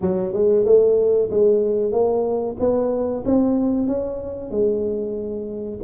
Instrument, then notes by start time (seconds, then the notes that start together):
tuba
0.01 F#3
0.33 G#3
0.65 A3
1.30 G#3
1.91 A#3
2.59 B3
3.25 C4
3.87 C#4
4.50 G#3